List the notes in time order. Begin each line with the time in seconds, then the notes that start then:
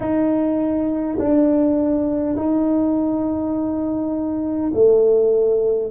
0.00 D#4
1.18 D4
2.35 D#4
4.74 A3